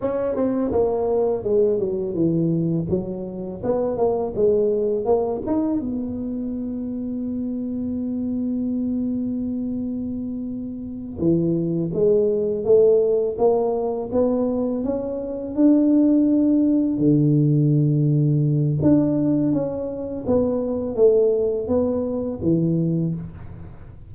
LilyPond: \new Staff \with { instrumentName = "tuba" } { \time 4/4 \tempo 4 = 83 cis'8 c'8 ais4 gis8 fis8 e4 | fis4 b8 ais8 gis4 ais8 dis'8 | b1~ | b2.~ b8 e8~ |
e8 gis4 a4 ais4 b8~ | b8 cis'4 d'2 d8~ | d2 d'4 cis'4 | b4 a4 b4 e4 | }